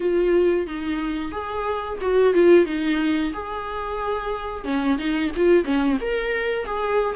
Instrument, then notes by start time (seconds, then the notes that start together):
viola
0.00 F4
0.66 D#4
1.32 G#4
2.01 F#4
2.34 F4
2.65 D#4
3.33 G#4
4.64 C#4
4.98 D#4
5.36 F4
5.64 C#4
6.00 A#4
6.65 G#4